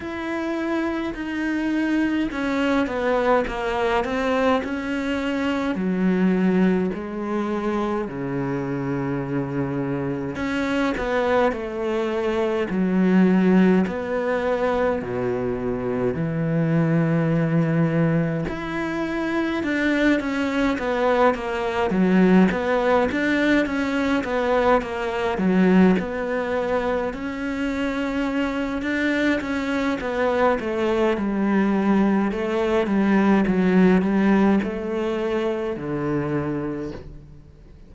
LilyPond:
\new Staff \with { instrumentName = "cello" } { \time 4/4 \tempo 4 = 52 e'4 dis'4 cis'8 b8 ais8 c'8 | cis'4 fis4 gis4 cis4~ | cis4 cis'8 b8 a4 fis4 | b4 b,4 e2 |
e'4 d'8 cis'8 b8 ais8 fis8 b8 | d'8 cis'8 b8 ais8 fis8 b4 cis'8~ | cis'4 d'8 cis'8 b8 a8 g4 | a8 g8 fis8 g8 a4 d4 | }